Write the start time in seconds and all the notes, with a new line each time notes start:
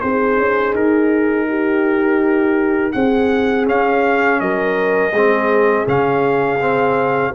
0.00 C4 D#4 G#4 C5
0.37 C#4
0.74 D#4 A#4
1.48 G4
2.92 C4 G#4 F#5
3.65 C#4 F5
4.40 F#3 A#4 D#5
5.11 G#3 C4 G#4
5.86 C#3 C#4 F5
6.60 C4